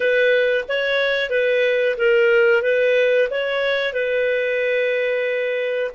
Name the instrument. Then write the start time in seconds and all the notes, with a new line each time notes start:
clarinet
0.00 B4
0.68 C#5
1.29 B4
1.97 A#4
2.62 B4
3.30 C#5
3.93 B4